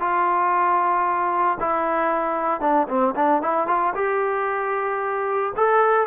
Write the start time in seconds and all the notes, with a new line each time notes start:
0.00 F4
1.60 E4
2.61 D4
2.88 C4
3.16 D4
3.42 E4
3.67 F4
3.95 G4
5.56 A4